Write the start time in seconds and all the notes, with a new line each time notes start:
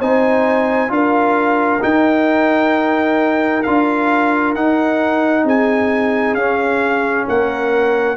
0.00 C4 D#4 C5 G#5
0.89 D4 F4 A#4 F5
1.81 D#4 G5
3.63 D4 F4 F5
4.55 D#4 F#5
5.44 C4 G#4 G#5
6.34 C#4 F5
7.28 A#3 A#4 F#5